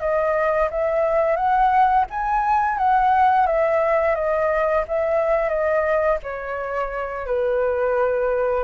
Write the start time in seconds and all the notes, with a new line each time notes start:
0.00 D#5
0.71 E5
1.36 F#5
2.10 G#5
2.78 F#5
3.47 E5
4.15 D#5
4.88 E5
5.49 D#5
6.23 C#5
7.26 B4